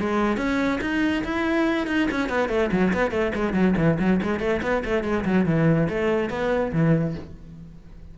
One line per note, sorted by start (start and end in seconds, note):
0.00 0.37 G#3
0.37 0.80 C#4
0.81 1.23 D#4
1.24 1.87 E4
1.87 2.08 D#4
2.11 2.29 C#4
2.29 2.49 B3
2.49 2.71 A3
2.72 2.93 F#3
2.94 3.11 B3
3.11 3.32 A3
3.35 3.54 G#3
3.54 3.75 F#3
3.77 3.98 E3
3.99 4.21 F#3
4.23 4.40 G#3
4.40 4.61 A3
4.62 4.83 B3
4.85 5.04 A3
5.04 5.25 G#3
5.25 5.46 F#3
5.46 5.88 E3
5.89 6.30 A3
6.30 6.72 B3
6.73 7.15 E3